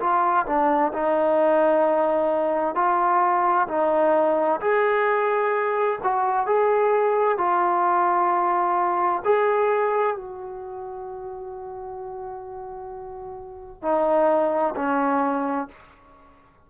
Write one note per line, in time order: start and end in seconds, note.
0.00 0.46 F4
0.47 0.93 D4
0.94 2.75 D#4
2.75 3.68 F4
3.68 4.60 D#4
4.61 6.00 G#4
6.04 6.47 F#4
6.47 7.38 G#4
7.38 9.23 F4
9.25 10.17 G#4
10.17 13.83 F#4
13.83 14.75 D#4
14.77 15.69 C#4